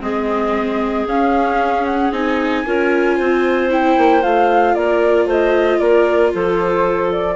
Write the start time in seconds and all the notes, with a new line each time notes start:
0.00 G#3 C4 G#4 D#5
1.07 C#4 F5
1.85 F#5
2.11 C4 D#4 G#5
2.65 C#4 F4 A#4
3.17 C4 C5
3.70 E4 G5
3.97 A#3
4.22 A3 F4 F5
4.74 A#3 A#4 D5
5.25 A3 C5 D#5
5.79 A#3 A#4 D5
6.34 F3 A4 C5
7.12 D5